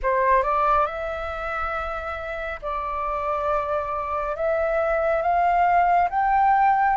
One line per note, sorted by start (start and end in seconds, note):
0.02 0.43 C5
0.43 0.85 D5
0.85 2.59 E5
2.62 4.36 D5
4.36 5.22 E5
5.22 6.09 F5
6.09 6.96 G5